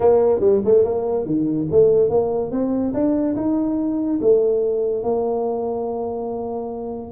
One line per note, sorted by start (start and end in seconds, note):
0.00 0.40 A#3
0.40 0.61 G3
0.64 0.84 A3
0.84 1.25 A#3
1.25 1.67 D#3
1.71 2.09 A3
2.09 2.51 A#3
2.51 2.93 C4
2.93 3.35 D4
3.36 4.20 D#4
4.21 5.03 A3
5.03 7.11 A#3